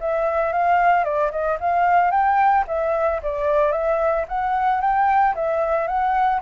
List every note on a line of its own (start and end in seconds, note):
0.00 0.52 E5
0.52 1.04 F5
1.04 1.31 D5
1.31 1.58 D#5
1.60 2.11 F5
2.11 2.64 G5
2.67 3.21 E5
3.23 3.72 D5
3.72 4.25 E5
4.28 4.81 F#5
4.81 5.34 G5
5.35 5.87 E5
5.87 6.41 F#5